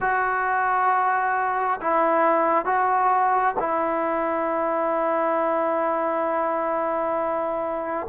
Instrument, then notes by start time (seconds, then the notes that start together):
trombone
0.00 F#4
1.80 E4
2.65 F#4
3.59 E4